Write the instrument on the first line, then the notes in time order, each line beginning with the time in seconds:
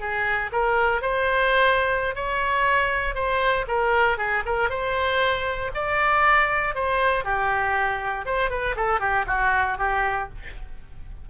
oboe
0.00 G#4
0.52 A#4
1.02 C5
2.15 C#5
3.15 C5
3.67 A#4
4.18 G#4
4.46 A#4
4.70 C5
5.74 D5
6.75 C5
7.24 G4
8.26 C5
8.50 B4
8.76 A4
9.00 G4
9.27 F#4
9.78 G4